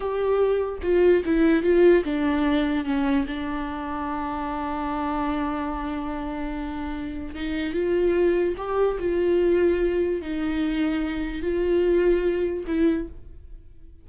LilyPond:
\new Staff \with { instrumentName = "viola" } { \time 4/4 \tempo 4 = 147 g'2 f'4 e'4 | f'4 d'2 cis'4 | d'1~ | d'1~ |
d'2 dis'4 f'4~ | f'4 g'4 f'2~ | f'4 dis'2. | f'2. e'4 | }